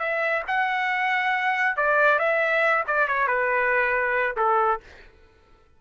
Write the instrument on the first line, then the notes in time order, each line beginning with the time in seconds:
trumpet
0.00 E5
0.48 F#5
1.77 D5
2.20 E5
2.88 D5
3.08 C#5
3.28 B4
4.37 A4